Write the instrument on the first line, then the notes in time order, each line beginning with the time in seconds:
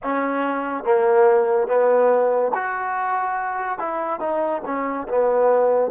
trombone
0.03 C#4
0.83 A#3
1.67 B3
2.54 F#4
3.78 E4
4.19 D#4
4.65 C#4
5.08 B3